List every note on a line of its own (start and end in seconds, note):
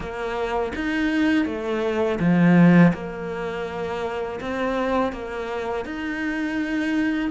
0.00 0.73 A#3
0.75 1.45 D#4
1.45 2.19 A3
2.19 2.92 F3
2.93 4.39 A#3
4.40 5.12 C4
5.12 5.85 A#3
5.85 7.30 D#4